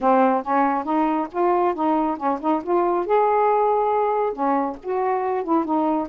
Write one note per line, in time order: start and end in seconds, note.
0.01 0.43 C4
0.43 0.84 C#4
0.84 1.27 D#4
1.31 1.74 F4
1.74 2.17 D#4
2.17 2.39 C#4
2.41 2.62 D#4
2.63 3.06 F4
3.06 4.33 G#4
4.33 4.76 C#4
4.82 5.43 F#4
5.43 5.64 E4
5.64 6.08 D#4